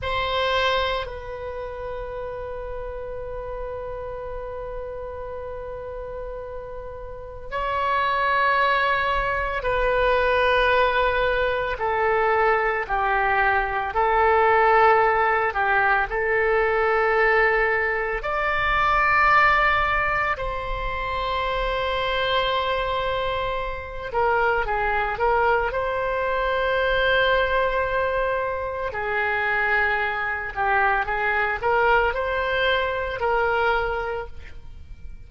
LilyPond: \new Staff \with { instrumentName = "oboe" } { \time 4/4 \tempo 4 = 56 c''4 b'2.~ | b'2. cis''4~ | cis''4 b'2 a'4 | g'4 a'4. g'8 a'4~ |
a'4 d''2 c''4~ | c''2~ c''8 ais'8 gis'8 ais'8 | c''2. gis'4~ | gis'8 g'8 gis'8 ais'8 c''4 ais'4 | }